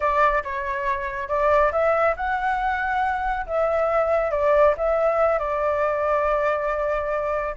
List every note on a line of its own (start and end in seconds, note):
0.00 0.43 D5
0.43 1.28 C#5
1.28 1.71 D5
1.72 2.15 E5
2.16 3.46 F#5
3.46 4.31 E5
4.31 4.74 D5
4.77 5.38 E5
5.38 7.54 D5